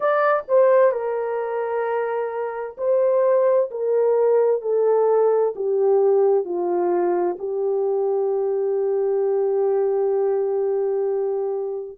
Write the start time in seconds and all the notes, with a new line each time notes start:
0.00 D5
0.47 C5
0.91 A#4
2.77 C5
3.70 A#4
4.62 A4
5.56 G4
6.44 F4
7.38 G4